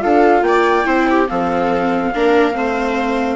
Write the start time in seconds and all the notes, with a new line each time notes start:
0.00 D4 F4 A4 F5
0.42 A#3 D5 G5
0.85 C4 E4 C5
1.10 G4
1.29 F3 C4 A4 F5
2.15 A#3 D4 A#4
2.53 A3 C4 C5